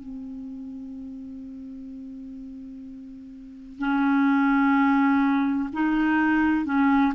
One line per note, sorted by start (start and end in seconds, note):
0.00 3.79 C4
3.79 5.70 C#4
5.73 6.65 D#4
6.65 7.13 C#4